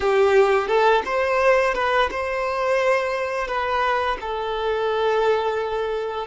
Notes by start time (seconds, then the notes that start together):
0.00 G4
0.67 A4
1.05 C5
1.74 B4
2.11 C5
3.47 B4
4.20 A4